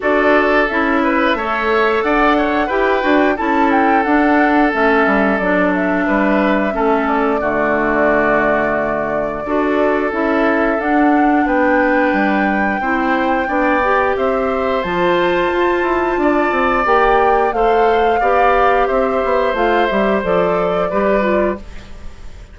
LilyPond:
<<
  \new Staff \with { instrumentName = "flute" } { \time 4/4 \tempo 4 = 89 d''4 e''2 fis''4 | g''4 a''8 g''8 fis''4 e''4 | d''8 e''2 d''4.~ | d''2. e''4 |
fis''4 g''2.~ | g''4 e''4 a''2~ | a''4 g''4 f''2 | e''4 f''8 e''8 d''2 | }
  \new Staff \with { instrumentName = "oboe" } { \time 4/4 a'4. b'8 cis''4 d''8 cis''8 | b'4 a'2.~ | a'4 b'4 a'4 fis'4~ | fis'2 a'2~ |
a'4 b'2 c''4 | d''4 c''2. | d''2 c''4 d''4 | c''2. b'4 | }
  \new Staff \with { instrumentName = "clarinet" } { \time 4/4 fis'4 e'4 a'2 | g'8 fis'8 e'4 d'4 cis'4 | d'2 cis'4 a4~ | a2 fis'4 e'4 |
d'2. e'4 | d'8 g'4. f'2~ | f'4 g'4 a'4 g'4~ | g'4 f'8 g'8 a'4 g'8 f'8 | }
  \new Staff \with { instrumentName = "bassoon" } { \time 4/4 d'4 cis'4 a4 d'4 | e'8 d'8 cis'4 d'4 a8 g8 | fis4 g4 a4 d4~ | d2 d'4 cis'4 |
d'4 b4 g4 c'4 | b4 c'4 f4 f'8 e'8 | d'8 c'8 ais4 a4 b4 | c'8 b8 a8 g8 f4 g4 | }
>>